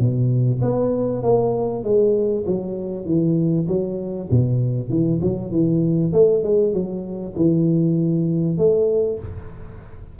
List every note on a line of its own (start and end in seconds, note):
0.00 0.61 B2
0.62 1.23 B3
1.23 1.84 A#3
1.84 2.45 G#3
2.47 3.06 F#3
3.06 3.67 E3
3.68 4.29 F#3
4.31 4.90 B2
4.90 5.20 E3
5.22 5.52 F#3
5.52 6.13 E3
6.13 6.44 A3
6.44 6.74 G#3
6.74 7.35 F#3
7.37 8.58 E3
8.58 9.19 A3